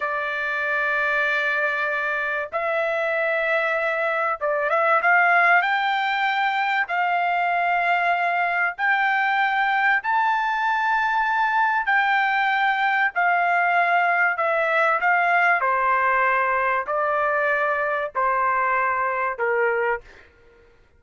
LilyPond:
\new Staff \with { instrumentName = "trumpet" } { \time 4/4 \tempo 4 = 96 d''1 | e''2. d''8 e''8 | f''4 g''2 f''4~ | f''2 g''2 |
a''2. g''4~ | g''4 f''2 e''4 | f''4 c''2 d''4~ | d''4 c''2 ais'4 | }